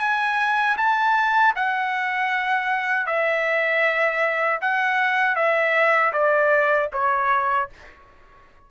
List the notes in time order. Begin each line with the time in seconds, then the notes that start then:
0.00 G#5
0.78 A5
1.56 F#5
3.07 E5
4.61 F#5
5.36 E5
6.13 D5
6.93 C#5